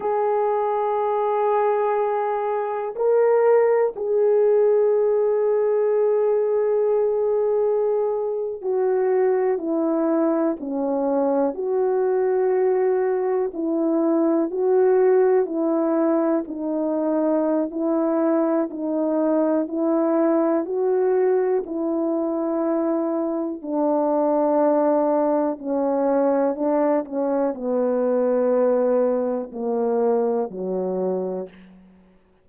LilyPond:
\new Staff \with { instrumentName = "horn" } { \time 4/4 \tempo 4 = 61 gis'2. ais'4 | gis'1~ | gis'8. fis'4 e'4 cis'4 fis'16~ | fis'4.~ fis'16 e'4 fis'4 e'16~ |
e'8. dis'4~ dis'16 e'4 dis'4 | e'4 fis'4 e'2 | d'2 cis'4 d'8 cis'8 | b2 ais4 fis4 | }